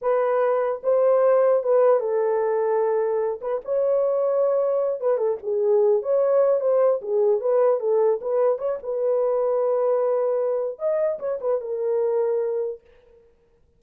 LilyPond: \new Staff \with { instrumentName = "horn" } { \time 4/4 \tempo 4 = 150 b'2 c''2 | b'4 a'2.~ | a'8 b'8 cis''2.~ | cis''8 b'8 a'8 gis'4. cis''4~ |
cis''8 c''4 gis'4 b'4 a'8~ | a'8 b'4 cis''8 b'2~ | b'2. dis''4 | cis''8 b'8 ais'2. | }